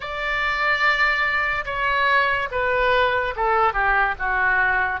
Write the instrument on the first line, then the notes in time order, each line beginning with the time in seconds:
oboe
0.00 D5
1.65 C#5
2.51 B4
3.36 A4
3.73 G4
4.19 F#4